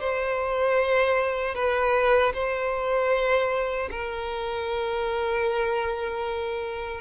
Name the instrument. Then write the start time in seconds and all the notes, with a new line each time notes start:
violin
0.00 C5
1.55 B4
2.34 C5
3.91 A#4